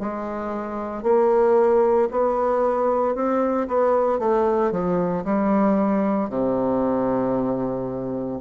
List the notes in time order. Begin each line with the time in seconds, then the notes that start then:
0.00 G#3
1.03 A#3
2.11 B3
3.15 C4
3.67 B3
4.19 A3
4.71 F3
5.24 G3
6.29 C3